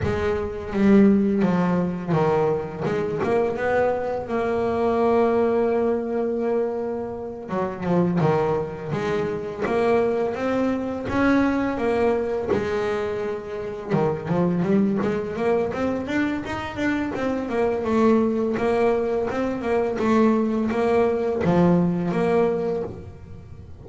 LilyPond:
\new Staff \with { instrumentName = "double bass" } { \time 4/4 \tempo 4 = 84 gis4 g4 f4 dis4 | gis8 ais8 b4 ais2~ | ais2~ ais8 fis8 f8 dis8~ | dis8 gis4 ais4 c'4 cis'8~ |
cis'8 ais4 gis2 dis8 | f8 g8 gis8 ais8 c'8 d'8 dis'8 d'8 | c'8 ais8 a4 ais4 c'8 ais8 | a4 ais4 f4 ais4 | }